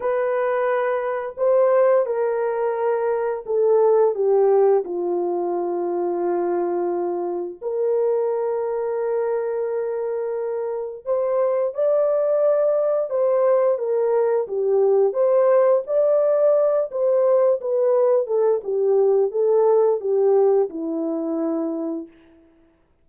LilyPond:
\new Staff \with { instrumentName = "horn" } { \time 4/4 \tempo 4 = 87 b'2 c''4 ais'4~ | ais'4 a'4 g'4 f'4~ | f'2. ais'4~ | ais'1 |
c''4 d''2 c''4 | ais'4 g'4 c''4 d''4~ | d''8 c''4 b'4 a'8 g'4 | a'4 g'4 e'2 | }